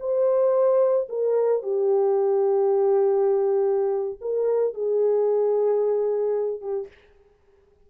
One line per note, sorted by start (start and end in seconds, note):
0.00 1.08 C5
1.09 1.62 A#4
1.62 4.19 G4
4.21 4.74 A#4
4.74 6.61 G#4
6.61 6.88 G4